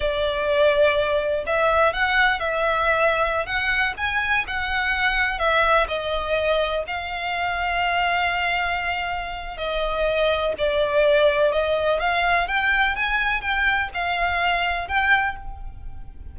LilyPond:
\new Staff \with { instrumentName = "violin" } { \time 4/4 \tempo 4 = 125 d''2. e''4 | fis''4 e''2~ e''16 fis''8.~ | fis''16 gis''4 fis''2 e''8.~ | e''16 dis''2 f''4.~ f''16~ |
f''1 | dis''2 d''2 | dis''4 f''4 g''4 gis''4 | g''4 f''2 g''4 | }